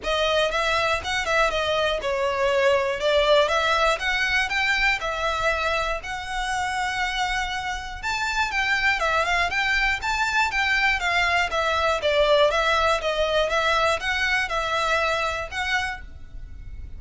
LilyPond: \new Staff \with { instrumentName = "violin" } { \time 4/4 \tempo 4 = 120 dis''4 e''4 fis''8 e''8 dis''4 | cis''2 d''4 e''4 | fis''4 g''4 e''2 | fis''1 |
a''4 g''4 e''8 f''8 g''4 | a''4 g''4 f''4 e''4 | d''4 e''4 dis''4 e''4 | fis''4 e''2 fis''4 | }